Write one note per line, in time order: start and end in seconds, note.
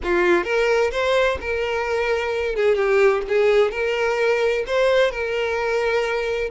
0.03 0.44 F4
0.44 0.90 A#4
0.91 1.37 C5
1.40 2.55 A#4
2.55 2.75 G#4
2.75 3.22 G4
3.28 3.71 G#4
3.71 4.64 A#4
4.66 5.11 C5
5.11 6.50 A#4